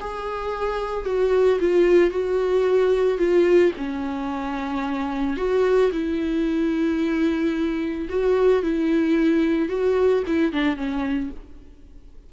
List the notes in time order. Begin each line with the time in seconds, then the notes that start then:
0.00 G#4
1.05 F#4
1.60 F4
2.10 F#4
3.18 F4
3.77 C#4
5.37 F#4
5.92 E4
8.09 F#4
8.63 E4
9.69 F#4
10.27 E4
10.52 D4
10.76 C#4